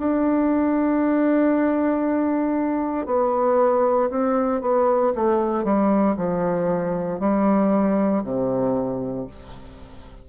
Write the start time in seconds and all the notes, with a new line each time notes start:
0.00 D4
3.07 B3
4.11 C4
4.62 B3
5.16 A3
5.65 G3
6.17 F3
7.20 G3
8.24 C3